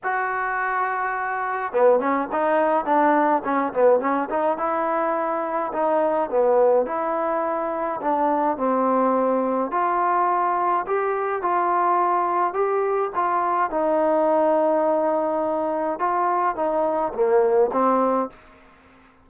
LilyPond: \new Staff \with { instrumentName = "trombone" } { \time 4/4 \tempo 4 = 105 fis'2. b8 cis'8 | dis'4 d'4 cis'8 b8 cis'8 dis'8 | e'2 dis'4 b4 | e'2 d'4 c'4~ |
c'4 f'2 g'4 | f'2 g'4 f'4 | dis'1 | f'4 dis'4 ais4 c'4 | }